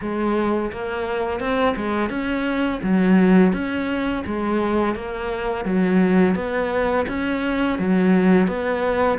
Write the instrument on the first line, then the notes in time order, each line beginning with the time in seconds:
cello
0.01 G#3
0.72 A#3
1.40 C4
1.76 G#3
2.09 C#4
2.82 F#3
3.53 C#4
4.25 G#3
4.95 A#3
5.65 F#3
6.35 B3
7.08 C#4
7.78 F#3
8.47 B3